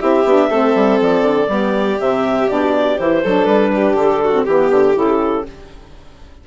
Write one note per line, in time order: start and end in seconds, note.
0.00 0.25 C4
0.00 0.25 E4
0.00 0.50 G4
0.00 0.99 E5
0.25 0.49 B3
0.25 0.52 D4
0.50 0.75 A3
0.50 1.48 C4
0.50 1.49 A4
0.75 1.00 G3
1.01 1.23 F3
1.01 2.00 D5
1.23 1.47 D3
1.48 1.98 G3
1.48 1.97 B3
1.48 3.23 G4
1.99 2.49 C3
1.99 2.48 C4
1.99 2.49 E5
2.48 2.99 B2
2.48 2.98 D4
2.48 2.99 D5
2.99 3.24 E3
2.99 3.24 E4
2.99 3.45 C5
3.23 3.46 F#3
3.23 4.34 D4
3.23 3.72 A4
3.45 3.95 G3
3.45 3.95 B4
3.75 4.25 G4
3.95 4.44 D3
3.95 4.45 A4
4.25 4.46 F#4
4.34 4.46 C4
4.45 4.71 E3
4.45 4.95 B3
4.45 4.95 G4
4.45 5.45 G4
4.71 4.96 D3
4.95 5.47 C#3
4.95 5.44 E4
4.95 5.46 A4